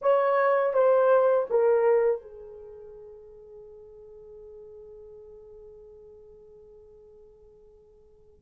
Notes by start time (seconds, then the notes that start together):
0.01 C#5
0.73 C5
1.50 A#4
2.21 G#4